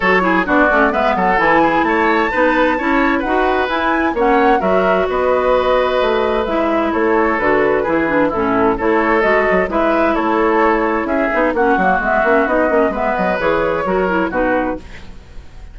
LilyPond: <<
  \new Staff \with { instrumentName = "flute" } { \time 4/4 \tempo 4 = 130 cis''4 d''4 e''8 fis''8 gis''4 | a''2. fis''4 | gis''4 fis''4 e''4 dis''4~ | dis''2 e''4 cis''4 |
b'2 a'4 cis''4 | dis''4 e''4 cis''2 | e''4 fis''4 e''4 dis''4 | e''8 dis''8 cis''2 b'4 | }
  \new Staff \with { instrumentName = "oboe" } { \time 4/4 a'8 gis'8 fis'4 b'8 a'4 gis'8 | cis''4 b'4 cis''4 b'4~ | b'4 cis''4 ais'4 b'4~ | b'2. a'4~ |
a'4 gis'4 e'4 a'4~ | a'4 b'4 a'2 | gis'4 fis'2. | b'2 ais'4 fis'4 | }
  \new Staff \with { instrumentName = "clarinet" } { \time 4/4 fis'8 e'8 d'8 cis'8 b4 e'4~ | e'4 dis'4 e'4 fis'4 | e'4 cis'4 fis'2~ | fis'2 e'2 |
fis'4 e'8 d'8 cis'4 e'4 | fis'4 e'2.~ | e'8 dis'8 cis'8 ais8 b8 cis'8 dis'8 cis'8 | b4 gis'4 fis'8 e'8 dis'4 | }
  \new Staff \with { instrumentName = "bassoon" } { \time 4/4 fis4 b8 a8 gis8 fis8 e4 | a4 b4 cis'4 dis'4 | e'4 ais4 fis4 b4~ | b4 a4 gis4 a4 |
d4 e4 a,4 a4 | gis8 fis8 gis4 a2 | cis'8 b8 ais8 fis8 gis8 ais8 b8 ais8 | gis8 fis8 e4 fis4 b,4 | }
>>